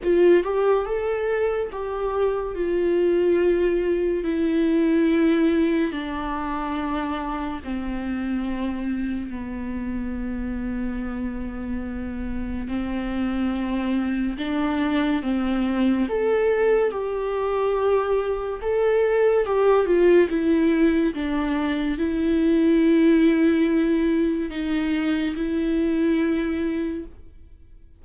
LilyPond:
\new Staff \with { instrumentName = "viola" } { \time 4/4 \tempo 4 = 71 f'8 g'8 a'4 g'4 f'4~ | f'4 e'2 d'4~ | d'4 c'2 b4~ | b2. c'4~ |
c'4 d'4 c'4 a'4 | g'2 a'4 g'8 f'8 | e'4 d'4 e'2~ | e'4 dis'4 e'2 | }